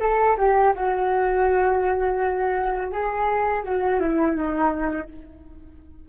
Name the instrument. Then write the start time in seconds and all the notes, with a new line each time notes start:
flute
0.00 A4
0.37 G4
0.75 F#4
2.92 G#4
3.64 F#4
4.00 E4
4.37 D#4